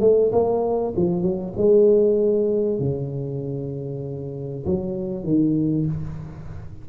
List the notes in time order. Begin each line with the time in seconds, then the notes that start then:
0.00 A3
0.32 A#3
0.96 F3
1.22 F#3
1.57 G#3
2.79 C#3
4.66 F#3
5.24 D#3